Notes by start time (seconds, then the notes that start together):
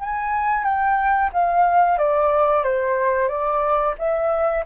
0.00 G#5
0.64 G5
1.33 F5
1.98 D5
2.64 C5
3.28 D5
3.98 E5